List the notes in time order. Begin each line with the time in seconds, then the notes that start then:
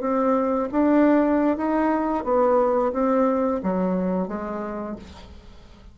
0.00 C4
0.71 D4
1.57 D#4
2.24 B3
2.92 C4
3.63 F#3
4.27 G#3